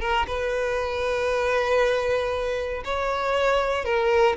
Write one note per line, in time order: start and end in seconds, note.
0.00 0.26 A#4
0.27 2.83 B4
2.84 3.84 C#5
3.84 4.36 A#4